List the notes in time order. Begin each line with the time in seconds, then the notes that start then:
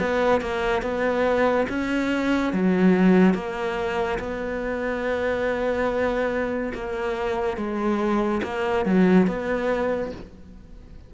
0.00 B3
0.41 A#3
0.82 B3
1.69 C#4
2.53 F#3
3.34 A#3
4.19 B3
6.74 A#3
7.57 G#3
8.43 A#3
8.85 F#3
9.27 B3